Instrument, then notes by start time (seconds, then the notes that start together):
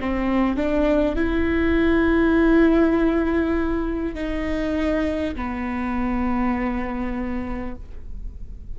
viola
0.00 C4
0.56 D4
1.16 E4
4.15 D#4
5.35 B3